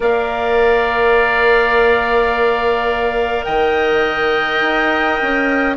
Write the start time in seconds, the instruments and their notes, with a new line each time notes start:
0.00 bassoon A#3, clarinet A#4, oboe D5, flute F5
3.44 bassoon D#3, oboe D#5, flute G5
4.61 bassoon D#4
5.21 bassoon C#4